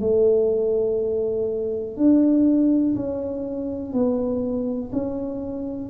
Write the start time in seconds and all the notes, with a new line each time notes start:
0.00 A3
1.97 D4
2.96 C#4
3.93 B3
4.92 C#4